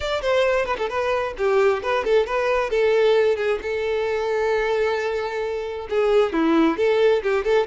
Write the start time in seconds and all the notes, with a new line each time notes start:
0.00 D5
0.21 C5
0.65 B4
0.78 A4
0.89 B4
1.37 G4
1.83 B4
2.04 A4
2.26 B4
2.70 A4
3.36 G#4
3.62 A4
5.89 G#4
6.32 E4
6.77 A4
7.22 G4
7.44 A4